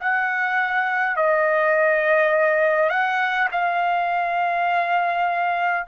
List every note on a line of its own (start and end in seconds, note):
0.00 1.16 F#5
1.16 2.89 D#5
2.89 3.48 F#5
3.51 5.87 F5